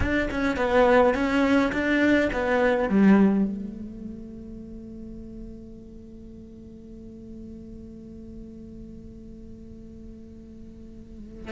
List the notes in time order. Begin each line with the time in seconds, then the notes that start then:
0.00 D4
0.30 C#4
0.56 B3
1.14 C#4
1.72 D4
2.32 B3
2.89 G3
3.44 A3